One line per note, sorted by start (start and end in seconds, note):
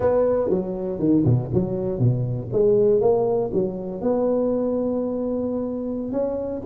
0.00 0.49 B3
0.49 0.99 F#3
0.99 1.24 D#3
1.25 1.50 B2
1.53 1.99 F#3
1.99 2.49 B2
2.52 3.00 G#3
3.00 3.50 A#3
3.53 4.01 F#3
4.01 6.12 B3
6.12 6.62 C#4